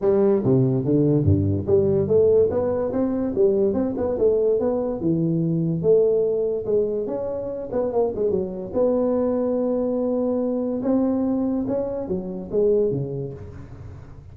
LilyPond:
\new Staff \with { instrumentName = "tuba" } { \time 4/4 \tempo 4 = 144 g4 c4 d4 g,4 | g4 a4 b4 c'4 | g4 c'8 b8 a4 b4 | e2 a2 |
gis4 cis'4. b8 ais8 gis8 | fis4 b2.~ | b2 c'2 | cis'4 fis4 gis4 cis4 | }